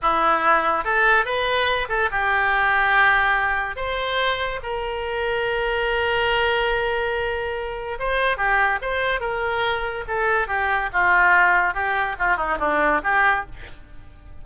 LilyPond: \new Staff \with { instrumentName = "oboe" } { \time 4/4 \tempo 4 = 143 e'2 a'4 b'4~ | b'8 a'8 g'2.~ | g'4 c''2 ais'4~ | ais'1~ |
ais'2. c''4 | g'4 c''4 ais'2 | a'4 g'4 f'2 | g'4 f'8 dis'8 d'4 g'4 | }